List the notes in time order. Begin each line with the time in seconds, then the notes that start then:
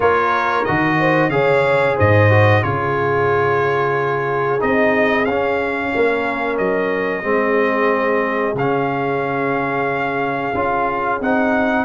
0.00 A#3 F4 A#4 C#5
0.64 D#3 F#4 D#5
0.99 C5
1.29 C#3 G#4 C#5 F5
1.96 G#2 C5 D#5
2.29 F#4
2.62 C#3 F4 G#4 C#5
4.59 C4 D#4 D#5
5.25 C#4 F5
5.94 A#3 A#4
6.57 F#3 D#5
7.23 G#3 C4 G#4
8.54 C#3 C#4 F5
10.54 C#4 F4
11.20 C4 D#4 F#5